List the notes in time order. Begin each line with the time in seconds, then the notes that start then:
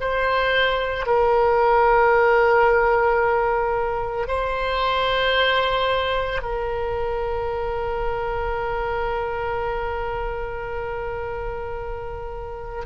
0.00 C5
1.06 A#4
4.28 C5
6.42 A#4